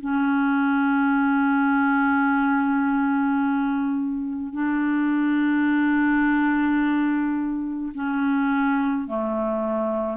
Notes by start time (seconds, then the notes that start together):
0.00 C#4
4.52 D4
7.94 C#4
9.07 A3